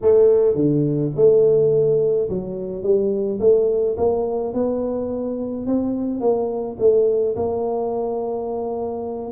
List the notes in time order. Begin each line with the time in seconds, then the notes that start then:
0.01 A3
0.55 D3
1.15 A3
2.29 F#3
2.82 G3
3.40 A3
3.97 A#3
4.53 B3
5.66 C4
6.20 A#3
6.79 A3
7.36 A#3